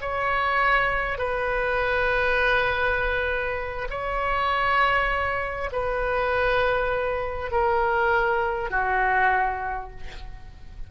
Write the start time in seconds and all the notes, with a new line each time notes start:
0.00 C#5
1.17 B4
3.89 C#5
5.72 B4
7.51 A#4
8.70 F#4